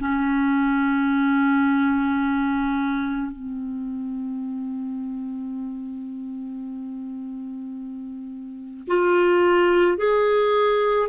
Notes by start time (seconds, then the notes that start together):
0.00 C#4
3.32 C4
8.88 F4
9.98 G#4